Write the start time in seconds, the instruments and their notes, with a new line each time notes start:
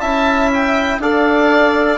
0.00 bassoon C#4, trombone E4, violin E5, oboe A5
0.54 oboe G5
0.99 bassoon D4, trombone A4, violin D5, oboe F5